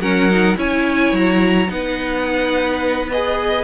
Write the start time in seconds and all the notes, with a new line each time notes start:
0.00 F#3 C#4 A#4 F#5
0.31 D#4
0.56 C#4 E4 C#5 G#5
1.13 F#3 A#5
1.69 B3 D#4 B4 F#5
3.11 G#4 D#5